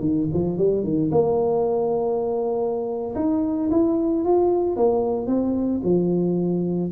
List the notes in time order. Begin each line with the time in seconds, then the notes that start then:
0.00 D#3
0.33 F3
0.57 G3
0.83 D#3
1.12 A#3
3.15 D#4
3.71 E4
4.25 F4
4.76 A#3
5.27 C4
5.83 F3